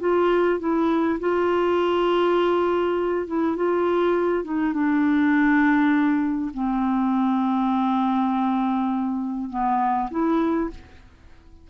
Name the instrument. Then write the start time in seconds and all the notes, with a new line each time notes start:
clarinet
0.00 F4
0.60 E4
1.20 F4
3.27 E4
3.56 F4
4.44 D#4
4.73 D4
6.54 C4
9.50 B3
10.11 E4